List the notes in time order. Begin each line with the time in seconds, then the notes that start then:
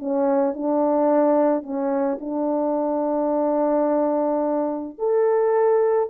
0.00 C#4
0.54 D4
1.63 C#4
2.21 D4
4.99 A4